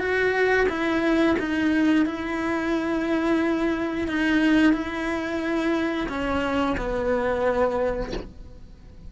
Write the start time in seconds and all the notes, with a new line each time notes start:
0.00 F#4
0.69 E4
1.39 D#4
2.06 E4
4.08 D#4
4.73 E4
6.09 C#4
6.78 B3